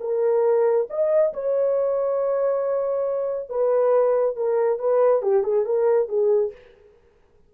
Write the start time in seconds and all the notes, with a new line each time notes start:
0.00 A#4
0.89 D#5
1.33 C#5
3.49 B4
4.36 A#4
4.79 B4
5.22 G4
5.43 G#4
5.65 A#4
6.08 G#4